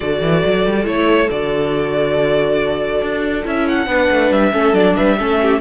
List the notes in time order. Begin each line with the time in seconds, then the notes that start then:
0.00 D3 F#4 A4 D5
0.21 E3
0.45 F#3
0.65 G3
0.84 A3 E4 C#5
1.30 D3 F#4 D5
3.01 D4
3.44 C#4 E4 E5
3.68 F#5
3.87 B3 D4 B4
4.11 A3
4.31 G3 E5
4.52 A3 C#4 A4
4.73 F#3 D4 D5
4.95 G3 B4 E5
5.18 A3 C#4 A4
5.42 G4